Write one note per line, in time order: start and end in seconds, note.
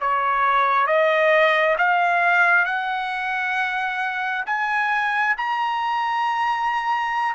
0.00 0.86 C#5
0.86 1.76 D#5
1.78 2.65 F5
2.65 4.44 F#5
4.46 5.35 G#5
5.37 7.34 A#5